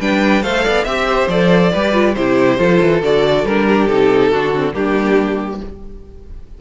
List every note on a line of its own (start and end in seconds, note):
0.00 0.43 G3
0.00 0.43 D4
0.00 0.43 B4
0.00 0.43 G5
0.43 0.65 A3
0.43 0.86 A4
0.43 0.64 C5
0.43 0.85 F5
0.64 0.86 B3
0.64 0.84 D5
0.84 1.28 C4
0.84 1.30 G4
0.84 1.06 E5
0.84 1.28 E5
1.09 1.72 C5
1.28 1.71 F3
1.28 1.74 A4
1.28 2.14 D5
1.72 2.16 G3
1.72 1.93 G4
1.72 2.15 B4
1.93 2.15 F4
2.14 2.59 C3
2.14 2.59 E4
2.14 2.59 G4
2.14 3.01 C5
2.59 2.80 F3
2.59 3.02 F4
2.59 3.67 A4
2.81 3.02 E3
3.02 3.44 D3
3.02 3.47 F#4
3.02 3.46 D5
3.44 3.87 G3
3.44 3.90 D4
3.44 3.87 A#4
3.68 4.32 G4
3.87 4.31 C3
3.87 4.32 D#4
3.87 4.73 A4
4.31 4.74 D3
4.31 4.54 D4
4.31 4.74 F#4
4.55 4.73 C4
4.73 5.61 G3
4.73 5.59 A#3
4.73 5.61 D4
4.73 5.61 G4